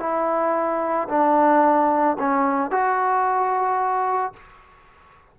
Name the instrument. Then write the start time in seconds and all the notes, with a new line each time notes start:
trombone
0.00 E4
1.09 D4
2.19 C#4
2.71 F#4